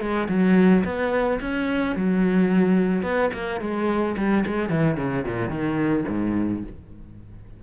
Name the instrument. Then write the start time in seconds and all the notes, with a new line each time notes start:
cello
0.00 G#3
0.28 F#3
0.84 B3
1.41 C#4
1.95 F#3
3.03 B3
3.33 A#3
3.60 G#3
4.17 G3
4.46 G#3
4.69 E3
4.97 C#3
5.24 A#2
5.49 D#3
6.08 G#2